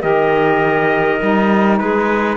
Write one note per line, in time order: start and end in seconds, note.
0.00 1.20 D#3
0.00 1.18 G4
0.00 1.79 A#4
0.00 1.78 D#5
1.20 1.80 G3
1.20 2.36 D#4
1.78 2.36 G#3
1.78 2.36 G#4
1.78 2.36 B4